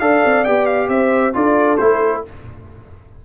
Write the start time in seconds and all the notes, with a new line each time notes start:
0.00 D4 A4 D5 F5
0.25 C4
0.44 B3 G4 G5
0.66 F5
0.88 C4 C5 E5
1.34 D4 F4 A4 D5
1.77 A3 E4 C5